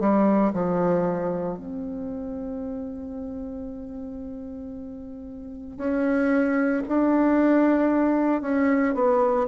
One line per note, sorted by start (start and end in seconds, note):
0.00 0.53 G3
0.54 1.57 F3
1.57 5.78 C4
5.78 6.83 C#4
6.88 8.42 D4
8.42 8.95 C#4
8.95 9.47 B3